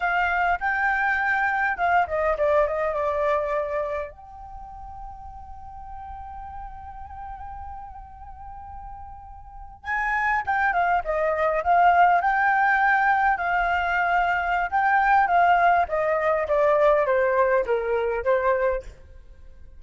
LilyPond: \new Staff \with { instrumentName = "flute" } { \time 4/4 \tempo 4 = 102 f''4 g''2 f''8 dis''8 | d''8 dis''8 d''2 g''4~ | g''1~ | g''1~ |
g''8. gis''4 g''8 f''8 dis''4 f''16~ | f''8. g''2 f''4~ f''16~ | f''4 g''4 f''4 dis''4 | d''4 c''4 ais'4 c''4 | }